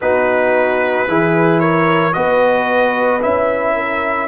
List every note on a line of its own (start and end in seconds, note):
0.01 1.07 B3
0.01 1.08 D#4
0.01 1.08 F#4
0.01 1.59 B4
1.07 2.15 E3
1.07 2.13 E4
1.07 1.60 G#4
1.59 2.14 A#4
1.59 2.13 C#5
2.13 3.23 B3
2.13 3.20 F#4
2.13 3.74 B4
2.13 3.20 D#5
3.21 4.28 C#4
3.21 4.28 E4
3.21 4.28 E5
3.74 4.28 A#4